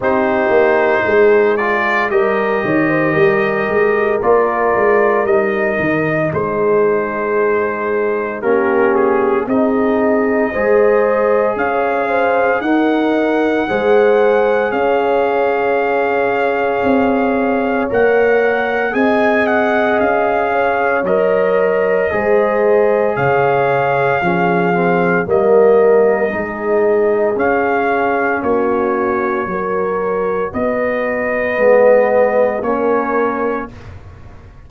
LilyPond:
<<
  \new Staff \with { instrumentName = "trumpet" } { \time 4/4 \tempo 4 = 57 c''4. d''8 dis''2 | d''4 dis''4 c''2 | ais'8 gis'8 dis''2 f''4 | fis''2 f''2~ |
f''4 fis''4 gis''8 fis''8 f''4 | dis''2 f''2 | dis''2 f''4 cis''4~ | cis''4 dis''2 cis''4 | }
  \new Staff \with { instrumentName = "horn" } { \time 4/4 g'4 gis'4 ais'8 cis''16 c''16 ais'4~ | ais'2 gis'2 | g'4 gis'4 c''4 cis''8 c''8 | ais'4 c''4 cis''2~ |
cis''2 dis''4. cis''8~ | cis''4 c''4 cis''4 gis'4 | ais'4 gis'2 fis'4 | ais'4 b'2 ais'4 | }
  \new Staff \with { instrumentName = "trombone" } { \time 4/4 dis'4. f'8 g'2 | f'4 dis'2. | cis'4 dis'4 gis'2 | dis'4 gis'2.~ |
gis'4 ais'4 gis'2 | ais'4 gis'2 cis'8 c'8 | ais4 dis'4 cis'2 | fis'2 b4 cis'4 | }
  \new Staff \with { instrumentName = "tuba" } { \time 4/4 c'8 ais8 gis4 g8 dis8 g8 gis8 | ais8 gis8 g8 dis8 gis2 | ais4 c'4 gis4 cis'4 | dis'4 gis4 cis'2 |
c'4 ais4 c'4 cis'4 | fis4 gis4 cis4 f4 | g4 gis4 cis'4 ais4 | fis4 b4 gis4 ais4 | }
>>